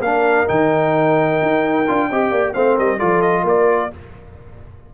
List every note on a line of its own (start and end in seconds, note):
0.00 0.46 A#3
0.00 0.47 D4
0.00 2.10 A#4
0.00 0.47 F5
0.47 1.41 D#3
0.47 1.84 D#4
0.47 2.53 G5
1.41 1.87 D#4
1.87 2.10 D4
1.87 2.10 F4
2.10 2.31 C4
2.10 2.54 G4
2.10 2.31 D#5
2.31 2.54 A#3
2.31 2.54 D5
2.53 2.78 A3
2.53 2.99 C4
2.53 2.75 C5
2.53 2.76 F5
2.75 3.01 G3
2.75 2.98 A#4
2.75 2.99 D#5
2.99 3.44 F3
2.99 3.90 F4
2.99 3.43 A4
2.99 3.22 D5
3.22 3.44 D#5
3.43 3.89 A#3
3.43 3.89 A#4
3.43 3.94 D5